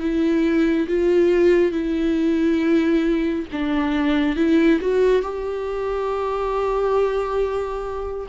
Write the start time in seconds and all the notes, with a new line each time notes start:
0.00 E4
0.88 F4
1.72 E4
3.52 D4
4.36 E4
4.81 F#4
5.23 G4